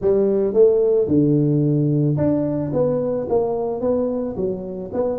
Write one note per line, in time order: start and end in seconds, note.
0.01 0.53 G3
0.53 1.07 A3
1.07 2.16 D3
2.17 2.71 D4
2.73 3.27 B3
3.29 3.81 A#3
3.81 4.35 B3
4.36 4.90 F#3
4.93 5.19 B3